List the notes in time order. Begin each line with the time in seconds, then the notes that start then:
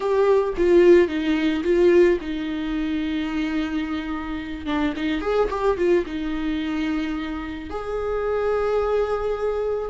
0.00 G4
0.57 F4
1.08 D#4
1.63 F4
2.20 D#4
4.66 D4
4.96 D#4
5.21 G#4
5.49 G4
5.77 F4
6.06 D#4
7.70 G#4